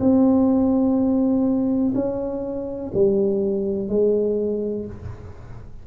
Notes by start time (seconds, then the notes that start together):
0.00 C4
1.95 C#4
2.94 G3
3.89 G#3